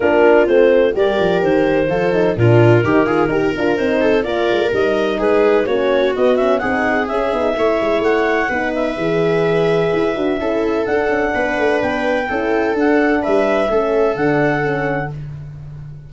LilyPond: <<
  \new Staff \with { instrumentName = "clarinet" } { \time 4/4 \tempo 4 = 127 ais'4 c''4 d''4 c''4~ | c''4 ais'2. | c''4 d''4 dis''4 b'4 | cis''4 dis''8 e''8 fis''4 e''4~ |
e''4 fis''4. e''4.~ | e''2. fis''4~ | fis''4 g''2 fis''4 | e''2 fis''2 | }
  \new Staff \with { instrumentName = "viola" } { \time 4/4 f'2 ais'2 | a'4 f'4 g'8 gis'8 ais'4~ | ais'8 a'8 ais'2 gis'4 | fis'2 gis'2 |
cis''2 b'2~ | b'2 a'2 | b'2 a'2 | b'4 a'2. | }
  \new Staff \with { instrumentName = "horn" } { \time 4/4 d'4 c'4 g'2 | f'8 dis'8 d'4 dis'8 f'8 g'8 f'8 | dis'4 f'4 dis'2 | cis'4 b8 cis'8 dis'4 cis'8 dis'8 |
e'2 dis'4 gis'4~ | gis'4. fis'8 e'4 d'4~ | d'2 e'4 d'4~ | d'4 cis'4 d'4 cis'4 | }
  \new Staff \with { instrumentName = "tuba" } { \time 4/4 ais4 a4 g8 f8 dis4 | f4 ais,4 dis4 dis'8 d'8 | c'4 ais8 gis16 ais16 g4 gis4 | ais4 b4 c'4 cis'8 b8 |
a8 gis8 a4 b4 e4~ | e4 e'8 d'8 cis'4 d'8 cis'8 | b8 a8 b4 cis'4 d'4 | g4 a4 d2 | }
>>